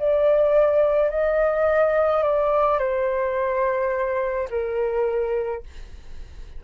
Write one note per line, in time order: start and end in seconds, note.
0.00 1.11 D5
1.11 2.23 D#5
2.23 2.79 D5
2.79 4.49 C5
4.50 5.63 A#4